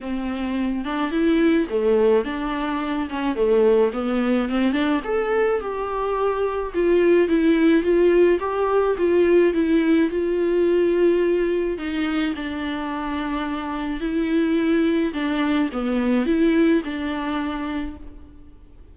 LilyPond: \new Staff \with { instrumentName = "viola" } { \time 4/4 \tempo 4 = 107 c'4. d'8 e'4 a4 | d'4. cis'8 a4 b4 | c'8 d'8 a'4 g'2 | f'4 e'4 f'4 g'4 |
f'4 e'4 f'2~ | f'4 dis'4 d'2~ | d'4 e'2 d'4 | b4 e'4 d'2 | }